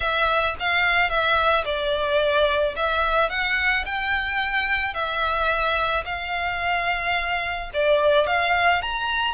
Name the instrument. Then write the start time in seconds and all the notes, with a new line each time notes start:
violin
0.00 E5
0.59 F5
1.09 E5
1.65 D5
2.76 E5
3.29 F#5
3.85 G5
4.93 E5
6.05 F5
7.73 D5
8.26 F5
8.81 A#5